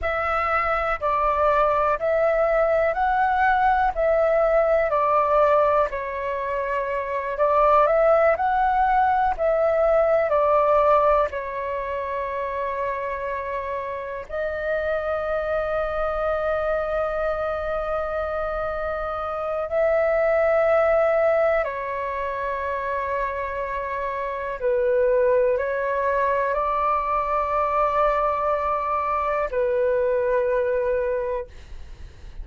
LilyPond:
\new Staff \with { instrumentName = "flute" } { \time 4/4 \tempo 4 = 61 e''4 d''4 e''4 fis''4 | e''4 d''4 cis''4. d''8 | e''8 fis''4 e''4 d''4 cis''8~ | cis''2~ cis''8 dis''4.~ |
dis''1 | e''2 cis''2~ | cis''4 b'4 cis''4 d''4~ | d''2 b'2 | }